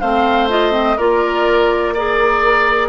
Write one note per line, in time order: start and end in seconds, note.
0.00 0.98 A3
0.00 0.49 C4
0.00 0.97 C5
0.00 0.48 F5
0.49 0.71 F4
0.49 0.98 D#5
0.71 0.96 C4
0.97 2.89 A#3
0.97 1.96 F4
0.97 1.93 A#4
0.97 1.95 D5
1.94 2.89 G#4
1.94 2.89 A#4
1.94 2.89 D5